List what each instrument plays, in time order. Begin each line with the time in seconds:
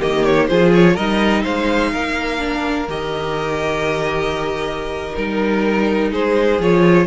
0.00 cello D#3, viola A#3, violin G4 D#5
0.25 violin C#5
0.48 cello F3, viola F4, violin G#4 C5
0.74 violin C#5
0.95 cello G3, viola D#4, violin A#4 D#5
1.44 cello G#3, violin C5 F5
1.92 cello A#3, violin A#4
2.39 viola D4
2.88 cello D#3, viola G4, violin D#5
5.14 cello G3, viola D#4, violin A#4
6.11 cello G#3, violin G#4 C5
6.59 cello F3, viola F4, violin C#5